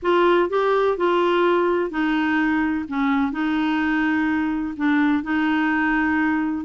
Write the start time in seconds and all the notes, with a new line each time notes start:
0.02 F4
0.49 G4
0.97 F4
1.90 D#4
2.88 C#4
3.32 D#4
4.76 D4
5.23 D#4